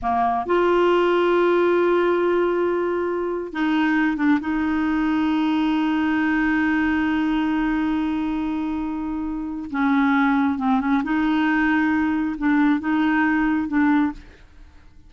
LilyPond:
\new Staff \with { instrumentName = "clarinet" } { \time 4/4 \tempo 4 = 136 ais4 f'2.~ | f'1 | dis'4. d'8 dis'2~ | dis'1~ |
dis'1~ | dis'2 cis'2 | c'8 cis'8 dis'2. | d'4 dis'2 d'4 | }